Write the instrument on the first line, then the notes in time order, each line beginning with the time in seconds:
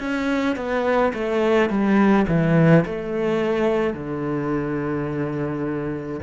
cello
0.00 C#4
0.56 B3
1.14 A3
1.70 G3
2.28 E3
2.86 A3
3.94 D3